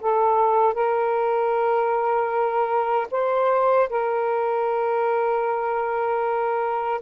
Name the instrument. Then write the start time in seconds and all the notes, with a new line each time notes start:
saxophone
0.00 A4
0.73 A#4
3.11 C5
3.89 A#4